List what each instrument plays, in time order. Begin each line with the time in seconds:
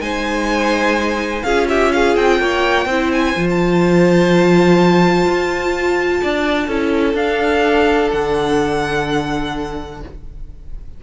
0.00 cello G#3, viola D#4, violin C5 G#5
1.43 cello C#4, viola F4, violin G#4 F5
1.69 violin G4 E5
1.92 violin G#4 F5
2.16 cello C4, violin G5
2.39 cello A#3, violin C#5
2.86 cello C4, viola E4, violin C5
3.12 violin G#5
3.36 cello F3, viola F4
3.50 violin A5
5.27 cello F4
6.23 cello D4, violin D5
6.68 cello C#4, viola E4, violin A4
7.14 cello D4, viola D4, violin F5
8.11 cello D3, violin F#5